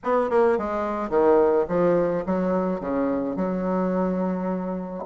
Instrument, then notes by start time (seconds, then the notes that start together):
bassoon
0.03 B3
0.30 A#3
0.58 G#3
1.09 D#3
1.68 F3
2.26 F#3
2.80 C#3
3.36 F#3